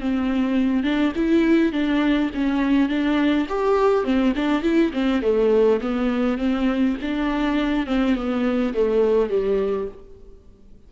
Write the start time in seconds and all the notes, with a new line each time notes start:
0.00 C4
0.83 D4
1.16 E4
1.72 D4
2.34 C#4
2.89 D4
3.49 G4
4.04 C4
4.36 D4
4.63 E4
4.93 C4
5.22 A3
5.81 B3
6.38 C4
7.01 D4
7.86 C4
8.15 B3
8.74 A3
9.30 G3